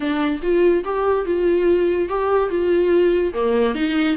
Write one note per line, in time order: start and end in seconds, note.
0.00 0.40 D4
0.42 0.84 F4
0.84 1.25 G4
1.25 2.08 F4
2.08 2.49 G4
2.49 3.33 F4
3.33 3.74 A#3
3.74 4.16 D#4